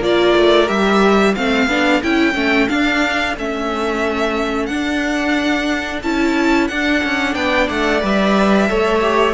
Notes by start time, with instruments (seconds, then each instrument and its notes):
0.00 cello A#3, viola F4, violin A#4 D5
0.36 cello A3
0.67 cello G3, viola G4, violin E5
1.35 cello A3, viola C4, violin A4 F5
1.67 cello B3, viola D4
2.03 cello C#4, viola E4, violin G5
2.34 cello A3, viola C#4
2.68 viola D4, cello D4, violin F5
3.37 cello A3, viola C#4, violin E5
4.66 cello D4, viola D4, violin F#5
6.03 cello C#4, viola E4, violin A5
6.68 viola D4, cello D4, violin F#5
7.04 cello C#4
7.34 cello B3, violin D5 G5
7.69 cello A3, violin F#5
8.01 cello G3, viola B4, violin E5
8.68 cello A3, viola A4, violin C#5
9.01 viola G4